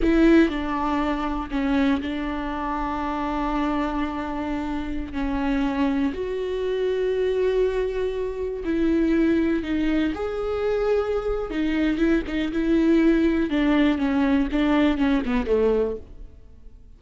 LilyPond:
\new Staff \with { instrumentName = "viola" } { \time 4/4 \tempo 4 = 120 e'4 d'2 cis'4 | d'1~ | d'2~ d'16 cis'4.~ cis'16~ | cis'16 fis'2.~ fis'8.~ |
fis'4~ fis'16 e'2 dis'8.~ | dis'16 gis'2~ gis'8. dis'4 | e'8 dis'8 e'2 d'4 | cis'4 d'4 cis'8 b8 a4 | }